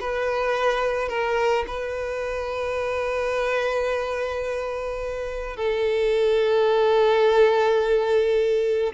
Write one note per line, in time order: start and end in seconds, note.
0.00 1.09 B4
1.09 1.65 A#4
1.67 5.57 B4
5.57 8.93 A4